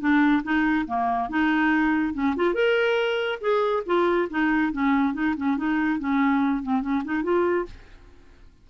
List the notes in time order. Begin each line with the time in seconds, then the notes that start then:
0.00 D4
0.43 D#4
0.87 A#3
1.29 D#4
2.14 C#4
2.36 F4
2.54 A#4
3.41 G#4
3.86 F4
4.30 D#4
4.73 C#4
5.14 D#4
5.37 C#4
5.58 D#4
5.99 C#4
6.63 C4
6.82 C#4
7.05 D#4
7.23 F4